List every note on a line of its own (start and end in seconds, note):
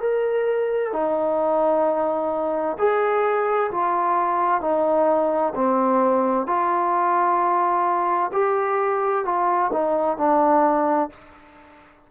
0.00 0.92 A#4
0.92 2.77 D#4
2.78 3.70 G#4
3.71 4.61 F4
4.61 5.53 D#4
5.55 6.46 C4
6.46 8.31 F4
8.32 9.24 G4
9.24 9.70 F4
9.73 10.17 D#4
10.17 11.09 D4